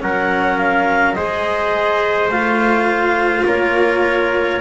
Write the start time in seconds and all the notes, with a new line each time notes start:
0.00 F#3 C#4 A#4 F#5
0.58 F5
1.14 G#3 G#4 C5 D#5
2.28 A3 F4 F5
3.45 A#3 A#4 C#5